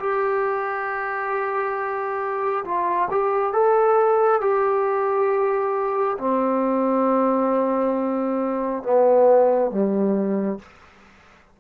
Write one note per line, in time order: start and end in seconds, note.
0.00 2.65 G4
2.65 3.09 F4
3.11 3.53 G4
3.53 4.42 A4
4.42 6.18 G4
6.18 8.83 C4
8.84 9.71 B3
9.71 10.59 G3